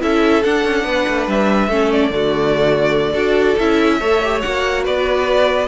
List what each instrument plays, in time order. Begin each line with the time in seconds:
0.00 cello C#4, viola E4, violin A4 E5
0.43 viola D4, cello D4, violin F#5
0.65 cello C#4
0.84 cello B3, violin B4
1.08 cello A3
1.27 cello G3, violin E5
1.68 cello A3, viola C#4, violin A4
1.92 violin D5
2.10 cello D3, viola A3, violin F#4
3.12 cello D4, viola F#4, violin A4
3.59 cello C#4, viola E4, violin E5
4.00 cello A3, viola A4, violin C#5
4.24 viola G4
4.41 cello A#3, viola F#4, violin F#5
4.84 cello B3, violin B4 D5